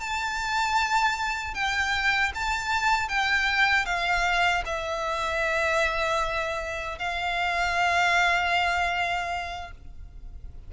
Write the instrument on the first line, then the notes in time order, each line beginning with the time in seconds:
violin
0.00 A5
1.54 G5
2.34 A5
3.08 G5
3.85 F5
4.65 E5
6.98 F5